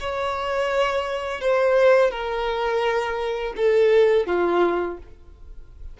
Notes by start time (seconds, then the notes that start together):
0.00 C#5
1.41 C5
2.11 A#4
3.56 A4
4.26 F4